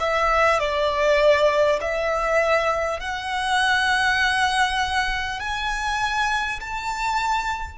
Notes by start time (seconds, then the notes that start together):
0.00 E5
0.59 D5
1.81 E5
2.99 F#5
5.39 G#5
6.60 A5